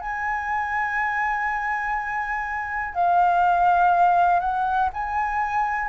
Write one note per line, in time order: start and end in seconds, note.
0.00 2.94 G#5
2.94 4.40 F5
4.40 4.89 F#5
4.93 5.88 G#5